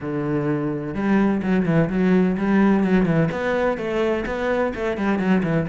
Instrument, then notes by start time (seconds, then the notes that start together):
cello
0.01 D3
0.94 G3
1.42 F#3
1.65 E3
1.89 F#3
2.37 G3
2.84 F#3
3.05 E3
3.31 B3
3.77 A3
4.26 B3
4.74 A3
4.97 G3
5.18 F#3
5.43 E3